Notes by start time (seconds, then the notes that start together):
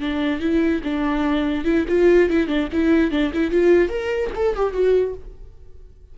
0.00 D4
0.39 E4
0.84 D4
1.64 E4
1.88 F4
2.30 E4
2.47 D4
2.72 E4
3.11 D4
3.33 E4
3.51 F4
3.89 A#4
4.35 A4
4.56 G4
4.73 F#4